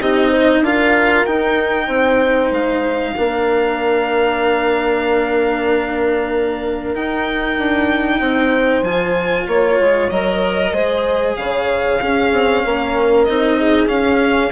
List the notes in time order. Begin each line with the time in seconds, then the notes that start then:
0.00 C4 D#4 G4 D#5
0.30 C5
0.61 D4 F4 A#4 F5
1.25 D#4 G5
1.86 C4 C5
2.51 G#3 F5
3.16 A#3 D4 A#4
6.95 D#4 G5
7.57 D4
8.19 C4 C5
8.82 F3 F4 G#5
9.47 A#3 C#5
9.80 G#3
10.09 F#3 A#4 D#5
10.73 G#3 G#4 C5
11.36 C#3 C#5 F5
12.01 C#4 G#4
12.32 C4
12.64 A#3 A#4
13.24 C4 D#4 D#5
13.58 G#4
13.87 C#4 F5